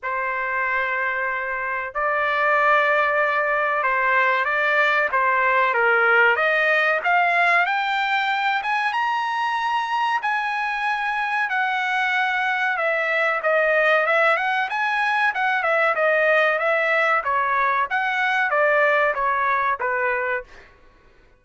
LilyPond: \new Staff \with { instrumentName = "trumpet" } { \time 4/4 \tempo 4 = 94 c''2. d''4~ | d''2 c''4 d''4 | c''4 ais'4 dis''4 f''4 | g''4. gis''8 ais''2 |
gis''2 fis''2 | e''4 dis''4 e''8 fis''8 gis''4 | fis''8 e''8 dis''4 e''4 cis''4 | fis''4 d''4 cis''4 b'4 | }